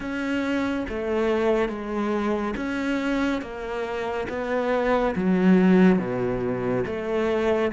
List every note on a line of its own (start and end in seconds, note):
0.00 0.86 C#4
0.88 1.68 A3
1.68 2.54 G#3
2.56 3.41 C#4
3.41 4.27 A#3
4.29 5.14 B3
5.15 5.98 F#3
5.98 6.84 B2
6.86 7.71 A3